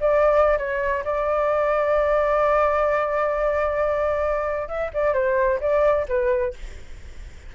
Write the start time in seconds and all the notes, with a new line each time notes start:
0.00 D5
0.57 C#5
1.04 D5
4.67 E5
4.93 D5
5.13 C5
5.60 D5
6.08 B4